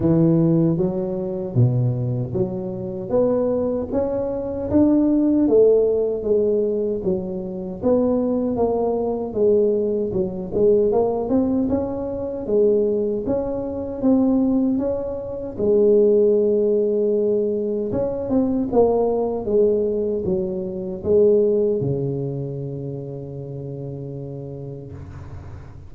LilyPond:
\new Staff \with { instrumentName = "tuba" } { \time 4/4 \tempo 4 = 77 e4 fis4 b,4 fis4 | b4 cis'4 d'4 a4 | gis4 fis4 b4 ais4 | gis4 fis8 gis8 ais8 c'8 cis'4 |
gis4 cis'4 c'4 cis'4 | gis2. cis'8 c'8 | ais4 gis4 fis4 gis4 | cis1 | }